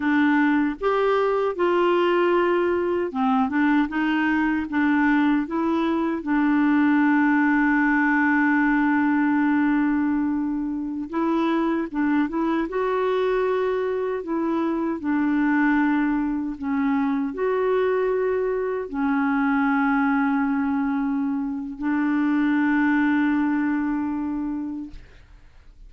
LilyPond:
\new Staff \with { instrumentName = "clarinet" } { \time 4/4 \tempo 4 = 77 d'4 g'4 f'2 | c'8 d'8 dis'4 d'4 e'4 | d'1~ | d'2~ d'16 e'4 d'8 e'16~ |
e'16 fis'2 e'4 d'8.~ | d'4~ d'16 cis'4 fis'4.~ fis'16~ | fis'16 cis'2.~ cis'8. | d'1 | }